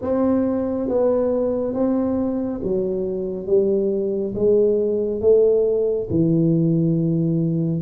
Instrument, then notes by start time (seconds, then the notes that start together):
tuba
0.01 C4
0.88 B3
1.73 C4
2.63 F#3
3.46 G3
4.34 G#3
5.21 A3
6.10 E3